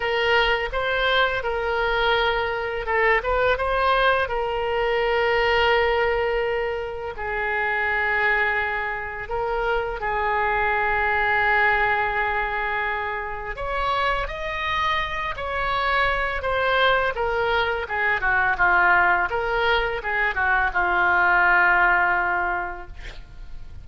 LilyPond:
\new Staff \with { instrumentName = "oboe" } { \time 4/4 \tempo 4 = 84 ais'4 c''4 ais'2 | a'8 b'8 c''4 ais'2~ | ais'2 gis'2~ | gis'4 ais'4 gis'2~ |
gis'2. cis''4 | dis''4. cis''4. c''4 | ais'4 gis'8 fis'8 f'4 ais'4 | gis'8 fis'8 f'2. | }